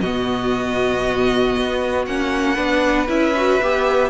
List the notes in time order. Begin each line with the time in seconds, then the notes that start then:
0.00 B2 B3 F#4 D#5
1.56 B3
2.06 A#3 C#4 F#5
2.54 B3 D4 B4
3.07 C#4 E4 E5
3.36 F#4
3.61 B3 G4